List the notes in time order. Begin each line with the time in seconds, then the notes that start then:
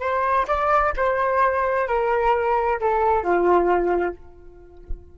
0.00 C5
0.47 D5
0.96 C5
1.88 A#4
2.80 A4
3.24 F4